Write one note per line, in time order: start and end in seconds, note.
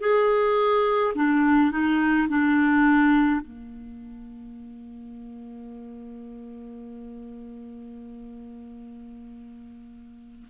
0.00 1.13 G#4
1.15 1.71 D4
1.71 2.27 D#4
2.28 3.41 D4
3.41 10.48 A#3